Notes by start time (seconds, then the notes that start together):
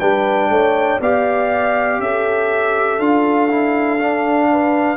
0.00 G3 D4 B4 G5
0.50 A3 C#5
1.01 B3 G4 D5 F5
1.99 C#4 A4 E5
2.99 D4 F4 F5
3.49 E4
4.00 D4
4.51 B4